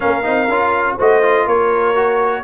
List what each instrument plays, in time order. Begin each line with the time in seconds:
0.00 tuba A#3, trombone C#4, horn A#4, trumpet F5
0.23 tuba C4, trombone D#4
0.48 tuba C#4, trombone F4
0.96 tuba A3, trombone F#4, horn C5, trumpet D#5
1.21 trombone F4
1.46 tuba A#3, horn A#4, trumpet C#5
1.95 trombone F#4